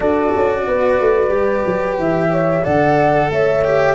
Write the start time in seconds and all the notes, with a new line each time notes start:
0.00 D4 F#4 A4 D5
0.35 C#4
0.66 B3 B4
1.00 A3
1.28 G3 G4
1.66 F#3
1.98 E3 E5
2.30 C#5
2.63 D3 A4 D5 F#5
3.30 A3 C#5 E5
3.64 G4